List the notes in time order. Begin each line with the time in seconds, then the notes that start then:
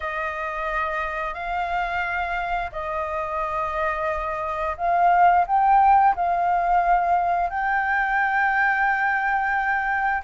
0.00 D#5
1.34 F5
2.71 D#5
4.77 F5
5.47 G5
6.15 F5
7.49 G5